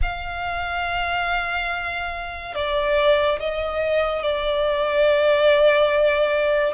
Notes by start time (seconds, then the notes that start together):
0.02 F5
2.54 D5
3.39 D#5
4.22 D5